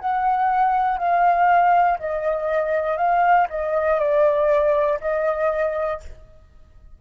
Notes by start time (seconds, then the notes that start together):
0.00 F#5
0.99 F5
1.99 D#5
2.97 F5
3.50 D#5
4.00 D5
5.01 D#5